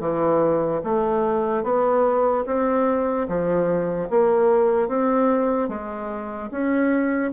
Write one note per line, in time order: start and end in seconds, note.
0.00 0.81 E3
0.84 1.64 A3
1.64 2.45 B3
2.47 3.28 C4
3.28 4.09 F3
4.10 4.88 A#3
4.88 5.69 C4
5.69 6.50 G#3
6.51 7.32 C#4